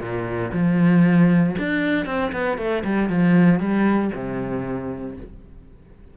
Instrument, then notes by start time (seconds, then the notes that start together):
cello
0.00 A#2
0.53 F3
1.58 D4
2.06 C4
2.32 B3
2.58 A3
2.84 G3
3.09 F3
3.60 G3
4.14 C3